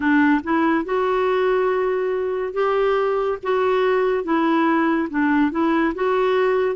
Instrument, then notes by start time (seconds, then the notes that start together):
clarinet
0.00 D4
0.43 E4
0.85 F#4
2.53 G4
3.42 F#4
4.23 E4
5.10 D4
5.51 E4
5.94 F#4